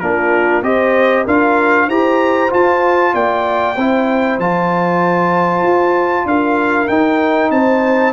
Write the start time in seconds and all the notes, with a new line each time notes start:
0.00 A#3 D4 F4 A#4
0.62 C4 G4 C5 D#5
1.25 D4 F4 A#4 F5
1.88 E4 G4 C5 A#5
2.50 F4 A5
3.14 A#3 D5 G5
3.76 C4 E4 C5
4.38 F3 F4 A5
5.62 F4
6.25 D4 A#4 F5
6.88 D#4 G5
7.51 C4 C5 A5